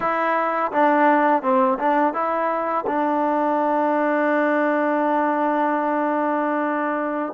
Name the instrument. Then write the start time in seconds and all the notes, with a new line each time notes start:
trombone
0.00 E4
0.71 D4
1.42 C4
1.79 D4
2.13 E4
2.86 D4